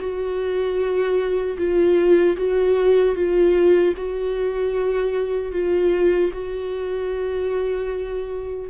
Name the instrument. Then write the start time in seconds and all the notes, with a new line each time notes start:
viola
0.00 F#4
1.58 F4
2.37 F#4
3.16 F4
3.97 F#4
5.53 F4
6.33 F#4